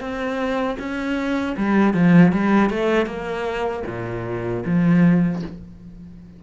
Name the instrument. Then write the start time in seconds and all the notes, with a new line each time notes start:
cello
0.00 C4
0.79 C#4
1.57 G3
1.93 F3
2.32 G3
2.69 A3
3.06 A#3
3.86 A#2
4.65 F3